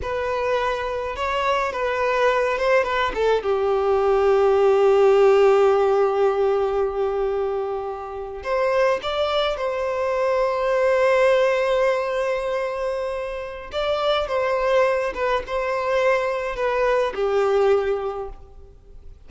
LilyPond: \new Staff \with { instrumentName = "violin" } { \time 4/4 \tempo 4 = 105 b'2 cis''4 b'4~ | b'8 c''8 b'8 a'8 g'2~ | g'1~ | g'2~ g'8. c''4 d''16~ |
d''8. c''2.~ c''16~ | c''1 | d''4 c''4. b'8 c''4~ | c''4 b'4 g'2 | }